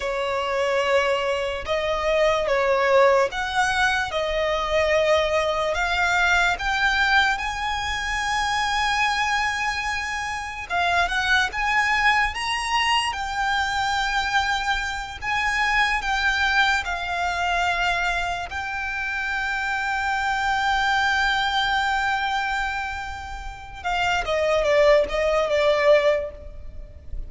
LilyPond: \new Staff \with { instrumentName = "violin" } { \time 4/4 \tempo 4 = 73 cis''2 dis''4 cis''4 | fis''4 dis''2 f''4 | g''4 gis''2.~ | gis''4 f''8 fis''8 gis''4 ais''4 |
g''2~ g''8 gis''4 g''8~ | g''8 f''2 g''4.~ | g''1~ | g''4 f''8 dis''8 d''8 dis''8 d''4 | }